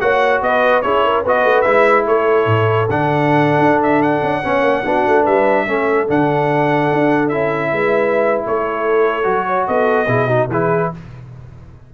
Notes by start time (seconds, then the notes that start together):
0.00 A#3 F#4 C#5 F#5
0.41 B3 B4 D#5
0.82 C#4 E4 G#4 C#5
1.04 A#4
1.23 B3 F#4 B4 D#5
1.44 A3
1.61 G#3 E4 E5
2.06 A3 A4 C#5
2.46 A2
2.89 D3 D4 F#5
3.59 D4
3.83 E5
4.02 F#5
4.23 C#4
4.43 B3 C#4 C#5
4.61 A#3
4.84 B3 D4 F#4
5.07 A3
5.23 G3 B4 E5
5.66 A3 C#4 A4
6.07 D3 D4 F#5
6.92 D4
7.29 C#4 E4 E5
7.72 G#3 B4
8.45 A3 A4 C#5
9.23 F#3 F#4
9.46 C#5
9.67 B3 A4 D#5
10.07 B2 E4 G#4
10.27 D#4 F#4
10.48 E3 E4 G#4 B4